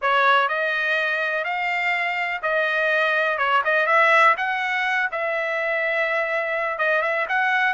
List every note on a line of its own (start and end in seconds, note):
0.01 0.48 C#5
0.48 1.44 D#5
1.44 2.41 F5
2.42 3.38 D#5
3.38 3.62 C#5
3.64 3.86 D#5
3.86 4.34 E5
4.37 5.09 F#5
5.11 6.78 E5
6.78 7.02 D#5
7.02 7.26 E5
7.28 7.73 F#5